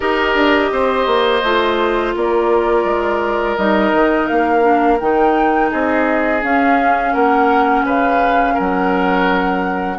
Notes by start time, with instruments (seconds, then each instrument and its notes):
0.00 bassoon D#4, clarinet G4, oboe A#4, flute D#5
0.35 bassoon D4
0.71 bassoon C4, oboe C5
1.06 bassoon A#3
1.43 bassoon A3, clarinet F4
2.15 bassoon A#3, oboe A#4, flute D5
2.84 bassoon G#3
3.56 bassoon G3, clarinet D#4, flute D#5
3.92 bassoon D#3
4.27 bassoon A#3, flute F5
4.61 clarinet D4
4.99 bassoon D#3, clarinet D#4, flute G5
5.71 bassoon C4, oboe G#4, flute D#5
6.41 clarinet C#4, bassoon C#4, flute F5
7.13 bassoon A#3, oboe A#4, flute F#5
7.83 bassoon C#3, oboe B4, flute F5
8.54 bassoon F#3, oboe A#4, flute F#5